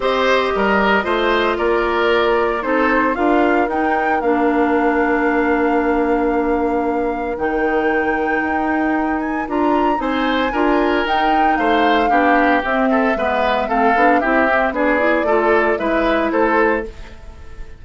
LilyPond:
<<
  \new Staff \with { instrumentName = "flute" } { \time 4/4 \tempo 4 = 114 dis''2. d''4~ | d''4 c''4 f''4 g''4 | f''1~ | f''2 g''2~ |
g''4. gis''8 ais''4 gis''4~ | gis''4 g''4 f''2 | e''2 f''4 e''4 | d''2 e''4 c''4 | }
  \new Staff \with { instrumentName = "oboe" } { \time 4/4 c''4 ais'4 c''4 ais'4~ | ais'4 a'4 ais'2~ | ais'1~ | ais'1~ |
ais'2. c''4 | ais'2 c''4 g'4~ | g'8 a'8 b'4 a'4 g'4 | gis'4 a'4 b'4 a'4 | }
  \new Staff \with { instrumentName = "clarinet" } { \time 4/4 g'2 f'2~ | f'4 dis'4 f'4 dis'4 | d'1~ | d'2 dis'2~ |
dis'2 f'4 dis'4 | f'4 dis'2 d'4 | c'4 b4 c'8 d'8 e'8 c'8 | d'8 e'8 f'4 e'2 | }
  \new Staff \with { instrumentName = "bassoon" } { \time 4/4 c'4 g4 a4 ais4~ | ais4 c'4 d'4 dis'4 | ais1~ | ais2 dis2 |
dis'2 d'4 c'4 | d'4 dis'4 a4 b4 | c'4 gis4 a8 b8 c'4 | b4 a4 gis4 a4 | }
>>